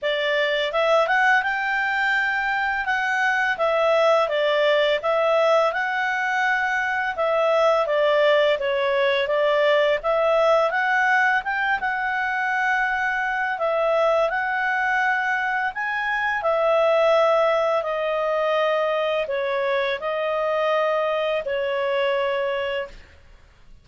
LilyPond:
\new Staff \with { instrumentName = "clarinet" } { \time 4/4 \tempo 4 = 84 d''4 e''8 fis''8 g''2 | fis''4 e''4 d''4 e''4 | fis''2 e''4 d''4 | cis''4 d''4 e''4 fis''4 |
g''8 fis''2~ fis''8 e''4 | fis''2 gis''4 e''4~ | e''4 dis''2 cis''4 | dis''2 cis''2 | }